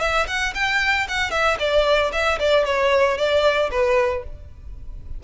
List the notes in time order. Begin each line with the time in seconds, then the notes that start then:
0.00 E5
0.27 F#5
0.54 G5
1.08 F#5
1.31 E5
1.59 D5
2.12 E5
2.39 D5
2.65 C#5
3.17 D5
3.71 B4